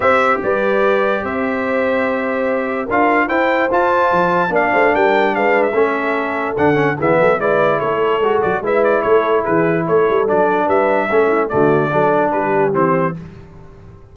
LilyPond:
<<
  \new Staff \with { instrumentName = "trumpet" } { \time 4/4 \tempo 4 = 146 e''4 d''2 e''4~ | e''2. f''4 | g''4 a''2 f''4 | g''4 f''8. e''2~ e''16 |
fis''4 e''4 d''4 cis''4~ | cis''8 d''8 e''8 d''8 cis''4 b'4 | cis''4 d''4 e''2 | d''2 b'4 c''4 | }
  \new Staff \with { instrumentName = "horn" } { \time 4/4 c''4 b'2 c''4~ | c''2. ais'4 | c''2. d''8 c''8 | ais'4 b'4 a'2~ |
a'4 gis'8 a'8 b'4 a'4~ | a'4 b'4 a'4 gis'4 | a'2 b'4 a'8 e'8 | fis'4 a'4 g'2 | }
  \new Staff \with { instrumentName = "trombone" } { \time 4/4 g'1~ | g'2. f'4 | e'4 f'2 d'4~ | d'2 cis'2 |
d'8 cis'8 b4 e'2 | fis'4 e'2.~ | e'4 d'2 cis'4 | a4 d'2 c'4 | }
  \new Staff \with { instrumentName = "tuba" } { \time 4/4 c'4 g2 c'4~ | c'2. d'4 | e'4 f'4 f4 ais8 a8 | g4 gis4 a2 |
d4 e8 fis8 gis4 a4 | gis8 fis8 gis4 a4 e4 | a8 g8 fis4 g4 a4 | d4 fis4 g4 e4 | }
>>